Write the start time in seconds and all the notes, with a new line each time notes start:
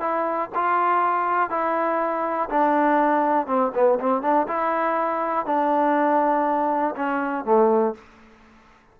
0.00 E4
0.55 F4
1.50 E4
2.50 D4
3.47 C4
3.74 B3
4.00 C4
4.22 D4
4.48 E4
5.46 D4
6.96 C#4
7.45 A3